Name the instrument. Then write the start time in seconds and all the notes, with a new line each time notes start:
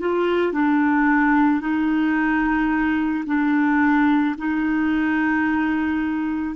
clarinet
0.00 F4
0.53 D4
1.61 D#4
3.26 D4
4.38 D#4